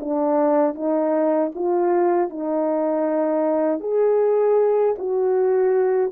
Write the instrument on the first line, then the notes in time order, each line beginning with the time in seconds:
horn
0.00 D4
0.75 D#4
1.55 F4
2.29 D#4
3.80 G#4
4.99 F#4